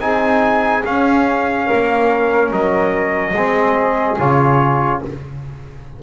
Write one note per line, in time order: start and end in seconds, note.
0.00 0.83 C4
0.00 0.84 D#4
0.00 1.67 G#4
0.00 0.84 G#5
0.85 3.35 C#4
0.85 1.69 C#4
0.85 2.52 F5
1.67 2.51 A#3
1.67 3.34 A#4
2.51 3.34 F#3
2.51 4.19 D#5
3.34 4.17 G#3
3.34 4.19 C4
3.34 5.01 G#4
4.19 5.02 C#3
4.19 5.03 F4
4.19 5.03 C#5